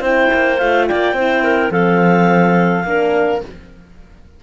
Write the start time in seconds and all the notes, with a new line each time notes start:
0.00 C4 E4 C5 G5
0.33 A#3
0.58 A3 F4 F5
0.87 A#3 D5 G5
1.13 C4 E4 C5
1.43 A#4
1.70 F3 C4 A4 F5
2.85 A#3 D4 A#4